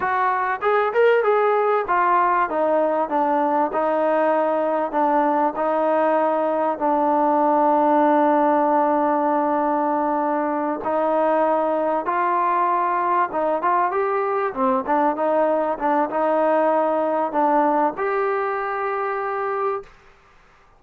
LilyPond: \new Staff \with { instrumentName = "trombone" } { \time 4/4 \tempo 4 = 97 fis'4 gis'8 ais'8 gis'4 f'4 | dis'4 d'4 dis'2 | d'4 dis'2 d'4~ | d'1~ |
d'4. dis'2 f'8~ | f'4. dis'8 f'8 g'4 c'8 | d'8 dis'4 d'8 dis'2 | d'4 g'2. | }